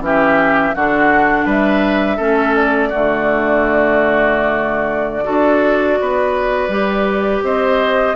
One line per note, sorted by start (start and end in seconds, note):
0.00 0.72 E3
0.00 0.74 C#4
0.00 0.75 G4
0.00 0.75 E5
0.75 1.45 D3
0.75 2.19 D4
0.75 1.45 F#4
0.75 1.47 F#5
1.45 2.18 G3
1.45 2.16 B4
1.45 2.55 E5
2.16 2.92 A3
2.16 2.91 C#4
2.16 2.89 A4
2.55 7.43 D5
2.89 5.28 D3
2.89 5.24 A3
2.89 5.24 F#4
5.24 6.00 D4
5.24 6.69 F#4
5.24 5.98 A4
6.00 6.68 B3
6.00 7.44 B4
6.68 7.40 G3
6.68 8.15 G4
7.43 8.15 C4
7.43 8.15 C5
7.43 8.15 D#5